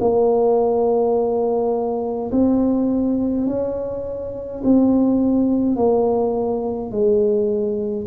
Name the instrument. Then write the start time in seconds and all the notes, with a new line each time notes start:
tuba
0.00 A#3
2.32 C4
3.47 C#4
4.64 C4
5.76 A#3
6.91 G#3